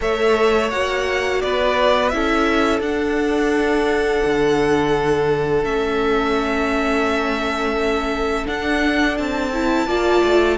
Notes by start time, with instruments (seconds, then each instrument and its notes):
0.00 cello A3, viola A4, violin C#5 E5
0.70 cello A#3, viola F#4, violin F#5
1.41 cello B3, violin B4 D5
2.08 cello C#4, viola E4, violin E5
2.15 violin A4
2.80 cello D4, viola D4, violin F#5
4.24 cello D3
5.63 cello A3, viola C#4, violin E5
8.46 viola D4, cello D4, violin F#5
9.17 cello C4, violin A5
9.53 viola E4
9.86 cello A#3, viola F4, violin D5
10.23 cello A3